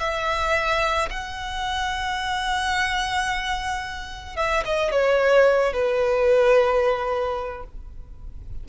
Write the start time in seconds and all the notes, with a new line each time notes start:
0.00 E5
1.10 F#5
4.36 E5
4.65 D#5
4.91 C#5
5.73 B4